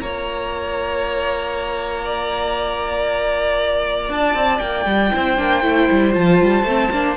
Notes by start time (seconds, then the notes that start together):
0.00 A#3 F4 C#5 A#5
2.05 D5
4.09 D4 A5
4.34 C4
4.59 A#3 G5
4.86 G3
5.11 C4 E4 C5
5.37 A#3 D4
5.62 A3 E4
5.91 G3
6.12 F3 F4 A5
6.43 G3
6.63 A3 C4
6.91 A#3 D4